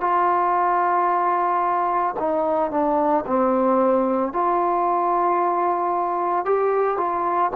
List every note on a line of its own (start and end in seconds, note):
0.00 2.14 F4
2.19 2.71 D#4
2.71 3.24 D4
3.26 4.32 C4
4.32 6.45 F4
6.45 6.97 G4
6.97 7.50 F4